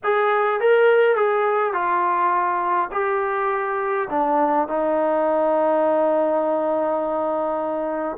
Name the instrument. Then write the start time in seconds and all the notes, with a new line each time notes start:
trombone
0.03 G#4
0.60 A#4
1.15 G#4
1.73 F4
2.92 G4
4.09 D4
4.68 D#4